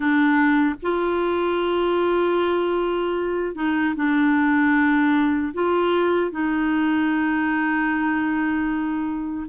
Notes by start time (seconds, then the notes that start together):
0.00 D4
0.82 F4
3.55 D#4
3.95 D4
5.53 F4
6.31 D#4